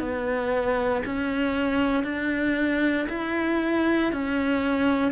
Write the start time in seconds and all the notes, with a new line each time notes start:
0.00 B3
1.05 C#4
2.04 D4
3.09 E4
4.13 C#4